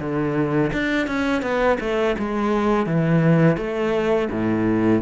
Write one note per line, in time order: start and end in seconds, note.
0.00 0.71 D3
0.73 1.07 D4
1.07 1.42 C#4
1.42 1.78 B3
1.80 2.16 A3
2.19 2.86 G#3
2.86 3.57 E3
3.57 4.29 A3
4.31 5.02 A2